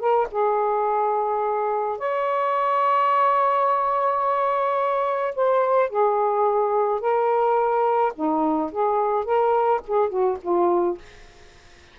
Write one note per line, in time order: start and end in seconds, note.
0.00 0.28 A#4
0.32 1.99 G#4
1.99 5.36 C#5
5.36 5.90 C5
5.90 7.01 G#4
7.01 8.13 A#4
8.16 8.72 D#4
8.72 9.25 G#4
9.25 9.81 A#4
9.87 10.10 G#4
10.10 10.38 F#4
10.42 10.99 F4